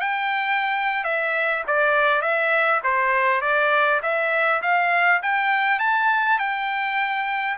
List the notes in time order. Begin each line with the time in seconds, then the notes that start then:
0.00 G5
1.04 E5
1.67 D5
2.21 E5
2.83 C5
3.41 D5
4.02 E5
4.62 F5
5.22 G5
5.79 A5
6.38 G5